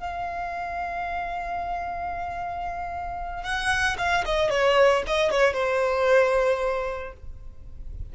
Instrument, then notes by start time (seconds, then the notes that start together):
violin
0.00 F5
3.43 F#5
3.98 F5
4.25 D#5
4.50 C#5
5.07 D#5
5.31 C#5
5.54 C5